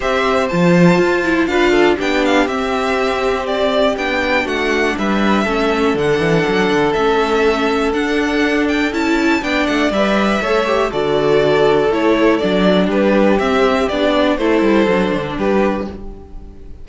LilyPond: <<
  \new Staff \with { instrumentName = "violin" } { \time 4/4 \tempo 4 = 121 e''4 a''2 f''4 | g''8 f''8 e''2 d''4 | g''4 fis''4 e''2 | fis''2 e''2 |
fis''4. g''8 a''4 g''8 fis''8 | e''2 d''2 | cis''4 d''4 b'4 e''4 | d''4 c''2 b'4 | }
  \new Staff \with { instrumentName = "violin" } { \time 4/4 c''2. b'8 a'8 | g'1~ | g'4 fis'4 b'4 a'4~ | a'1~ |
a'2. d''4~ | d''4 cis''4 a'2~ | a'2 g'2~ | g'4 a'2 g'4 | }
  \new Staff \with { instrumentName = "viola" } { \time 4/4 g'4 f'4. e'8 f'4 | d'4 c'2. | d'2. cis'4 | d'2 cis'2 |
d'2 e'4 d'4 | b'4 a'8 g'8 fis'2 | e'4 d'2 c'4 | d'4 e'4 d'2 | }
  \new Staff \with { instrumentName = "cello" } { \time 4/4 c'4 f4 f'4 d'4 | b4 c'2. | b4 a4 g4 a4 | d8 e8 fis8 d8 a2 |
d'2 cis'4 b8 a8 | g4 a4 d2 | a4 fis4 g4 c'4 | b4 a8 g8 fis8 d8 g4 | }
>>